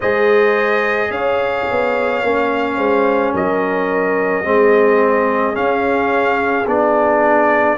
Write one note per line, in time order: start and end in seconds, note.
0.00 1.09 G#3
0.00 2.23 G#4
0.00 1.09 C5
0.00 1.11 D#5
1.09 1.65 C#4
1.09 2.77 C#5
1.09 3.33 F5
1.70 2.22 B3
2.22 2.77 A#3
2.22 4.44 C#4
2.77 3.33 G#3
2.77 3.32 C5
3.34 4.45 F#3
3.34 4.45 A#4
3.34 5.55 D#5
4.44 5.56 G#3
4.44 5.53 C4
4.44 7.77 G#4
5.53 6.64 C#4
5.53 6.66 C#4
5.53 6.66 F5
6.66 7.77 B3
6.66 7.77 D4
6.66 7.77 D5